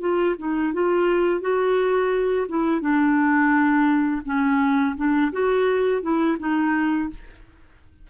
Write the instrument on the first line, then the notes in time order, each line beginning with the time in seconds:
clarinet
0.00 F4
0.39 D#4
0.73 F4
1.41 F#4
2.48 E4
2.80 D4
4.25 C#4
4.96 D4
5.32 F#4
6.02 E4
6.39 D#4